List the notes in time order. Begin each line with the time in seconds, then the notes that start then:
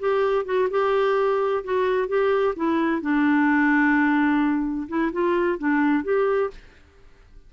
0.00 G4
0.45 F#4
0.71 G4
1.64 F#4
2.08 G4
2.56 E4
3.02 D4
4.89 E4
5.13 F4
5.59 D4
6.04 G4